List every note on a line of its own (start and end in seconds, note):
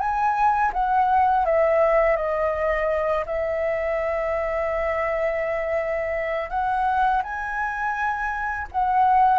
0.00 0.72 G#5
0.74 1.46 F#5
1.46 2.17 E5
2.17 3.25 D#5
3.27 6.50 E5
6.50 7.23 F#5
7.23 8.68 G#5
8.72 9.39 F#5